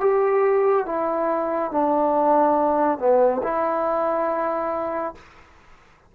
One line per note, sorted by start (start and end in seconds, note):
0.00 0.86 G4
0.86 1.71 E4
1.71 2.98 D4
2.98 3.41 B3
3.43 5.15 E4